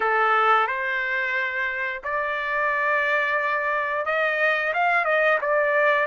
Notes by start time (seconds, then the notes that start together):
0.00 A4
0.67 C5
2.03 D5
4.05 D#5
4.73 F5
5.04 D#5
5.41 D5